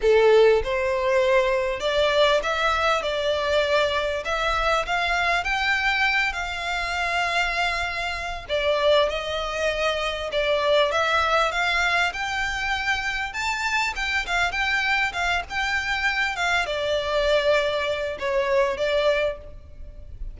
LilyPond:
\new Staff \with { instrumentName = "violin" } { \time 4/4 \tempo 4 = 99 a'4 c''2 d''4 | e''4 d''2 e''4 | f''4 g''4. f''4.~ | f''2 d''4 dis''4~ |
dis''4 d''4 e''4 f''4 | g''2 a''4 g''8 f''8 | g''4 f''8 g''4. f''8 d''8~ | d''2 cis''4 d''4 | }